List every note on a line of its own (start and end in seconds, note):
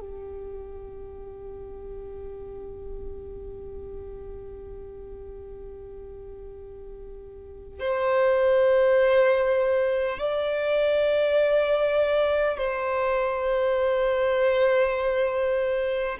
0.00 7.79 G4
7.79 10.19 C5
10.19 12.58 D5
12.58 16.18 C5